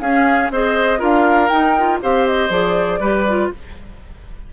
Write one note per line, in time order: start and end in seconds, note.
0.00 0.50 C#4
0.00 0.53 C#4
0.00 0.52 G#4
0.00 0.51 F5
0.50 1.00 C4
0.50 0.98 G#4
0.50 0.99 C5
0.50 1.02 D#5
0.98 1.50 D4
0.98 1.48 F4
0.98 1.99 A#4
0.98 1.49 F5
1.49 2.00 D#4
1.49 1.76 D#4
1.49 1.99 G5
1.78 2.02 F4
2.02 2.49 C4
2.02 2.50 G4
2.02 3.00 C5
2.02 2.27 F5
2.27 2.51 D#5
2.49 2.99 F3
2.49 3.00 G#4
2.49 3.51 D5
2.99 3.49 G3
2.99 3.26 G4
2.99 3.50 B4
3.28 3.53 F4